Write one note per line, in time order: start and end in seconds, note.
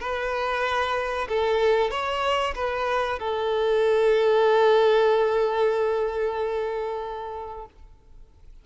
0.00 1.28 B4
1.29 1.90 A4
1.90 2.54 C#5
2.55 3.19 B4
3.19 7.66 A4